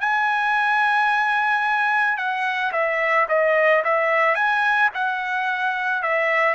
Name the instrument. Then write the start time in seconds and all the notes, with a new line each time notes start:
trumpet
0.00 G#5
2.17 F#5
2.72 E5
3.28 D#5
3.84 E5
4.35 G#5
4.94 F#5
6.03 E5